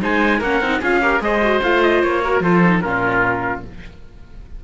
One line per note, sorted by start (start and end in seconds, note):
0.00 0.41 G#3
0.00 0.40 D#4
0.00 0.39 C5
0.00 0.42 G#5
0.39 0.61 A#3
0.39 0.63 C#4
0.39 0.79 A#4
0.39 0.82 F#5
0.61 0.81 C4
0.61 0.82 D#4
0.80 1.20 C#4
0.80 1.02 F4
0.80 1.00 G#4
0.80 1.22 F5
1.02 1.21 G4
1.02 1.22 A#4
1.20 1.60 G#3
1.20 1.41 G#4
1.20 2.24 C5
1.20 1.62 D#5
1.42 1.62 F#4
1.63 2.03 A3
1.63 2.23 F4
1.63 1.83 F5
1.83 2.03 D#5
2.03 2.40 A#3
2.03 2.43 C#5
2.24 2.43 F#4
2.24 2.43 A#4
2.40 2.80 F3
2.40 2.63 F4
2.40 2.83 A4
2.40 2.82 C5
2.64 2.83 D#4
2.82 3.63 A#2
2.82 3.63 C#4
2.82 3.64 F4
2.82 3.62 A#4